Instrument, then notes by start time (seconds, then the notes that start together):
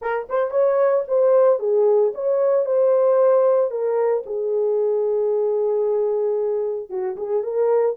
horn
0.01 A#4
0.29 C5
0.50 C#5
1.07 C5
1.59 G#4
2.14 C#5
2.65 C5
3.70 A#4
4.26 G#4
6.89 F#4
7.16 G#4
7.43 A#4